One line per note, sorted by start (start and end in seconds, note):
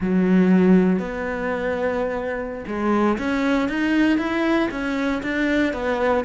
0.00 0.99 F#3
0.99 2.64 B3
2.67 3.18 G#3
3.18 3.68 C#4
3.68 4.18 D#4
4.18 4.68 E4
4.71 5.21 C#4
5.23 5.73 D4
5.73 6.24 B3